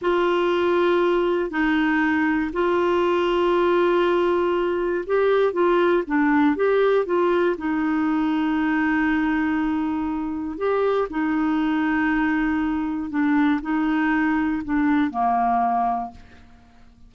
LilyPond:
\new Staff \with { instrumentName = "clarinet" } { \time 4/4 \tempo 4 = 119 f'2. dis'4~ | dis'4 f'2.~ | f'2 g'4 f'4 | d'4 g'4 f'4 dis'4~ |
dis'1~ | dis'4 g'4 dis'2~ | dis'2 d'4 dis'4~ | dis'4 d'4 ais2 | }